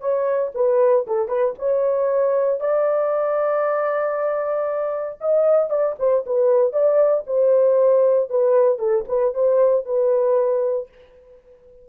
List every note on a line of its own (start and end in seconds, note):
0.00 0.52 C#5
0.54 1.06 B4
1.07 1.28 A4
1.28 1.54 B4
1.58 2.60 C#5
2.60 5.19 D5
5.21 5.70 D#5
5.70 5.96 D5
5.99 6.25 C5
6.26 6.72 B4
6.72 7.24 D5
7.26 8.30 C5
8.30 8.79 B4
8.79 9.04 A4
9.08 9.34 B4
9.34 9.85 C5
9.85 10.89 B4